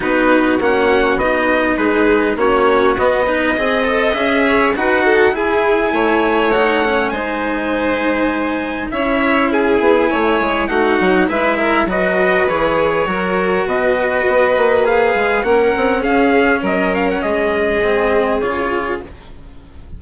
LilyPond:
<<
  \new Staff \with { instrumentName = "trumpet" } { \time 4/4 \tempo 4 = 101 b'4 fis''4 dis''4 b'4 | cis''4 dis''2 e''4 | fis''4 gis''2 fis''4 | gis''2. e''4 |
gis''2 fis''4 e''4 | dis''4 cis''2 dis''4~ | dis''4 f''4 fis''4 f''4 | dis''8 f''16 fis''16 dis''2 cis''4 | }
  \new Staff \with { instrumentName = "violin" } { \time 4/4 fis'2. gis'4 | fis'4. b'8 dis''4. cis''8 | b'8 a'8 gis'4 cis''2 | c''2. cis''4 |
gis'4 cis''4 fis'4 b'8 ais'8 | b'2 ais'4 b'4~ | b'2 ais'4 gis'4 | ais'4 gis'2. | }
  \new Staff \with { instrumentName = "cello" } { \time 4/4 dis'4 cis'4 dis'2 | cis'4 b8 dis'8 gis'8 a'8 gis'4 | fis'4 e'2 dis'8 cis'8 | dis'2. e'4~ |
e'2 dis'4 e'4 | fis'4 gis'4 fis'2~ | fis'4 gis'4 cis'2~ | cis'2 c'4 f'4 | }
  \new Staff \with { instrumentName = "bassoon" } { \time 4/4 b4 ais4 b4 gis4 | ais4 b4 c'4 cis'4 | dis'4 e'4 a2 | gis2. cis'4~ |
cis'8 b8 a8 gis8 a8 fis8 gis4 | fis4 e4 fis4 b,4 | b8 ais4 gis8 ais8 c'8 cis'4 | fis4 gis2 cis4 | }
>>